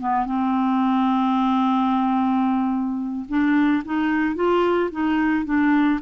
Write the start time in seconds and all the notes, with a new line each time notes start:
0.00 B3
0.26 C4
3.29 D4
3.85 D#4
4.36 F4
4.92 D#4
5.45 D4